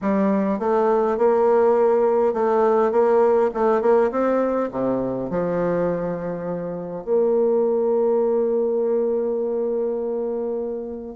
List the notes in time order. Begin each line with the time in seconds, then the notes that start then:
0.01 G3
0.59 A3
1.17 A#3
2.33 A3
2.91 A#3
3.53 A3
3.81 A#3
4.11 C4
4.71 C3
5.29 F3
7.04 A#3